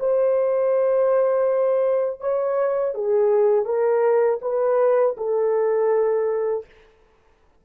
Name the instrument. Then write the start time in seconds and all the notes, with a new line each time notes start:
horn
0.00 C5
2.21 C#5
2.95 G#4
3.66 A#4
4.42 B4
5.17 A4